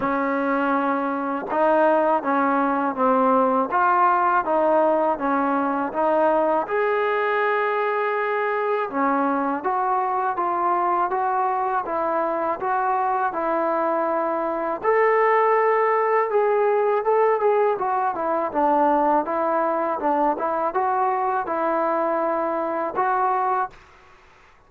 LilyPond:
\new Staff \with { instrumentName = "trombone" } { \time 4/4 \tempo 4 = 81 cis'2 dis'4 cis'4 | c'4 f'4 dis'4 cis'4 | dis'4 gis'2. | cis'4 fis'4 f'4 fis'4 |
e'4 fis'4 e'2 | a'2 gis'4 a'8 gis'8 | fis'8 e'8 d'4 e'4 d'8 e'8 | fis'4 e'2 fis'4 | }